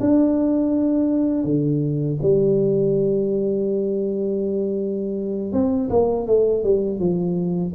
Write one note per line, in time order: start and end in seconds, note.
0.00 1.44 D4
1.44 2.18 D3
2.22 5.52 G3
5.52 5.89 C4
5.90 6.27 A#3
6.27 6.64 A3
6.64 6.99 G3
6.99 7.73 F3